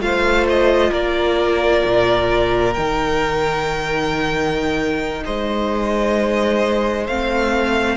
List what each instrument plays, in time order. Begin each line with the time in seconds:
0.00 cello A3, viola F4, violin C5 F5
0.49 violin D#5
0.91 cello A#3, violin A#4 D5
1.85 cello A#2
2.74 cello D#3, viola D#4, violin G5
5.25 cello G#3, violin C5 D#5
7.07 cello A3, viola C4, violin F5